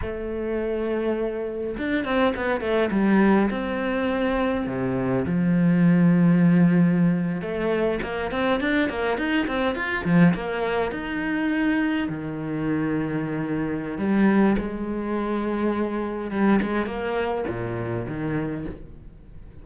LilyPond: \new Staff \with { instrumentName = "cello" } { \time 4/4 \tempo 4 = 103 a2. d'8 c'8 | b8 a8 g4 c'2 | c4 f2.~ | f8. a4 ais8 c'8 d'8 ais8 dis'16~ |
dis'16 c'8 f'8 f8 ais4 dis'4~ dis'16~ | dis'8. dis2.~ dis16 | g4 gis2. | g8 gis8 ais4 ais,4 dis4 | }